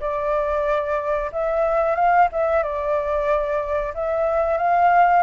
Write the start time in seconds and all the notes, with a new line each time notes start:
0.00 D5
1.32 E5
1.95 F5
2.32 E5
2.63 D5
3.94 E5
4.57 F5